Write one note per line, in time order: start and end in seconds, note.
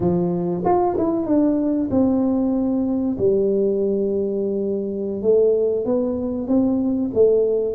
0.00 0.62 F3
0.64 0.96 F4
0.97 1.25 E4
1.25 1.89 D4
1.90 3.17 C4
3.18 5.22 G3
5.22 5.84 A3
5.84 6.47 B3
6.47 7.11 C4
7.14 7.74 A3